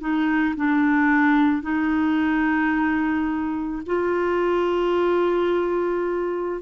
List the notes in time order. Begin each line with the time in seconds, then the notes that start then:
0.00 D#4
0.56 D4
1.62 D#4
3.86 F4